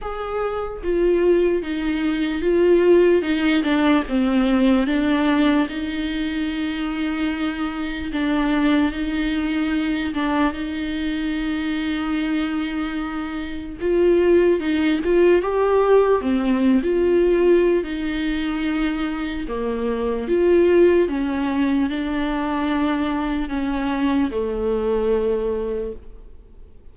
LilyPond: \new Staff \with { instrumentName = "viola" } { \time 4/4 \tempo 4 = 74 gis'4 f'4 dis'4 f'4 | dis'8 d'8 c'4 d'4 dis'4~ | dis'2 d'4 dis'4~ | dis'8 d'8 dis'2.~ |
dis'4 f'4 dis'8 f'8 g'4 | c'8. f'4~ f'16 dis'2 | ais4 f'4 cis'4 d'4~ | d'4 cis'4 a2 | }